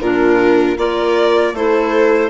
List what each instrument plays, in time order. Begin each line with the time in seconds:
0.00 bassoon A#2, clarinet D4, viola F4, violin A#4
0.77 bassoon A#3, clarinet F4, viola A#4, violin D5
1.53 bassoon A3, clarinet E4, viola A4, violin C5